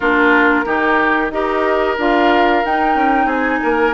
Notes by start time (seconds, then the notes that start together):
0.00 A#3 D4 F4 A#4
0.65 D#3 D#4 G4
1.30 D#4 G4 A#4 D#5
1.97 D4 F4 F5
2.64 D#4 G5
2.95 C#4
3.25 C4 G#4 G#5
3.62 A#3 A#4